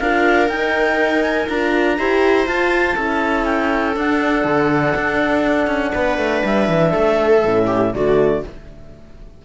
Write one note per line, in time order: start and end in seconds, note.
0.00 0.49 D4
0.00 0.49 F4
0.00 1.99 A#4
0.00 0.49 F5
0.49 1.48 D#4
0.49 1.22 G5
1.22 1.47 G#5
1.49 1.99 D4
1.49 1.99 F4
1.49 2.48 A#5
1.99 2.47 E4
1.99 2.47 G4
1.99 2.96 C5
2.47 2.97 F4
2.47 3.45 A5
2.96 3.97 C#4
2.96 3.95 E4
2.96 5.93 A4
3.45 3.95 G5
3.95 7.42 D4
3.95 4.45 D4
3.95 6.46 F#5
4.45 4.94 D3
4.96 5.68 D4
5.68 5.92 C#4
5.95 6.18 B3
5.95 6.91 B4
6.18 6.43 A3
6.45 6.69 G3
6.45 7.94 E5
6.69 6.94 E3
6.91 7.45 A3
6.91 7.65 A4
7.45 7.94 A2
7.45 7.95 C#4
7.67 7.92 G4
7.94 8.44 D3
7.94 8.45 A3
7.94 8.45 F#4
7.94 8.44 D5